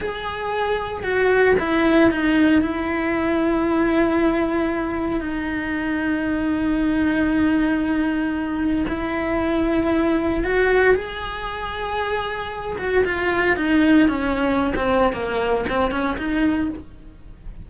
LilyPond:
\new Staff \with { instrumentName = "cello" } { \time 4/4 \tempo 4 = 115 gis'2 fis'4 e'4 | dis'4 e'2.~ | e'2 dis'2~ | dis'1~ |
dis'4 e'2. | fis'4 gis'2.~ | gis'8 fis'8 f'4 dis'4 cis'4~ | cis'16 c'8. ais4 c'8 cis'8 dis'4 | }